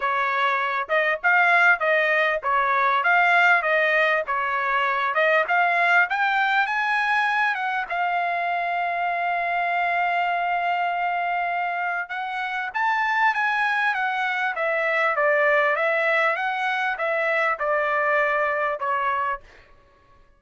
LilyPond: \new Staff \with { instrumentName = "trumpet" } { \time 4/4 \tempo 4 = 99 cis''4. dis''8 f''4 dis''4 | cis''4 f''4 dis''4 cis''4~ | cis''8 dis''8 f''4 g''4 gis''4~ | gis''8 fis''8 f''2.~ |
f''1 | fis''4 a''4 gis''4 fis''4 | e''4 d''4 e''4 fis''4 | e''4 d''2 cis''4 | }